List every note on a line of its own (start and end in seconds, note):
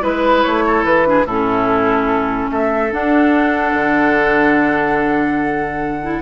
0.00 0.43 G#3
0.00 1.03 E4
0.00 0.64 B4
0.00 0.43 B4
0.43 0.84 A3
0.43 0.84 C#5
0.66 1.07 A4
0.84 1.25 E3
0.84 1.26 B4
1.04 1.25 D4
1.04 1.26 G#4
1.25 2.49 A2
1.25 2.91 C#4
1.25 2.50 E4
1.25 2.50 A4
2.51 2.92 A3
2.51 6.21 A4
2.51 2.92 E5
2.91 6.01 D4
2.91 3.73 D4
2.91 6.21 F#5
3.73 6.21 D3
6.02 6.21 E4